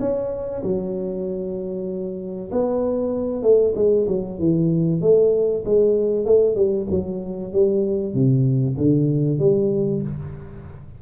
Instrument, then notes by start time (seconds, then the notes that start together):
tuba
0.00 C#4
0.63 F#3
2.51 B3
3.43 A3
3.75 G#3
4.08 F#3
4.39 E3
5.01 A3
5.65 G#3
6.26 A3
6.55 G3
6.90 F#3
7.53 G3
8.14 C3
8.78 D3
9.39 G3